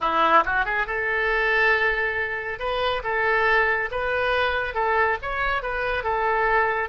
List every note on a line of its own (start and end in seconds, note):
0.00 0.43 E4
0.45 0.65 F#4
0.65 0.86 G#4
0.87 2.59 A4
2.59 3.02 B4
3.03 3.89 A4
3.91 4.74 B4
4.74 5.17 A4
5.22 5.62 C#5
5.62 6.03 B4
6.03 6.89 A4